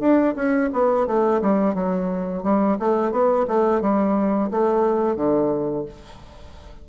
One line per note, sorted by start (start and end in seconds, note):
0.00 0.34 D4
0.36 0.70 C#4
0.73 1.07 B3
1.07 1.41 A3
1.42 1.74 G3
1.74 2.43 F#3
2.43 2.78 G3
2.79 3.12 A3
3.12 3.46 B3
3.48 3.82 A3
3.82 4.50 G3
4.51 5.16 A3
5.16 5.85 D3